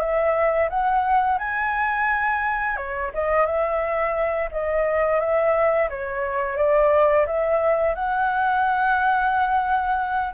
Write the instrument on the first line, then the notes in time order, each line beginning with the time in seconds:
flute
0.00 E5
0.69 F#5
1.39 G#5
2.76 C#5
3.14 D#5
3.46 E5
4.51 D#5
5.20 E5
5.89 C#5
6.57 D5
7.26 E5
7.95 F#5